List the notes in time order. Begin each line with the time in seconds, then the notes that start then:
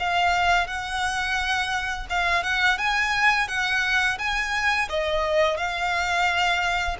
0.00 F5
0.68 F#5
2.10 F5
2.44 F#5
2.78 G#5
3.49 F#5
4.19 G#5
4.89 D#5
5.58 F5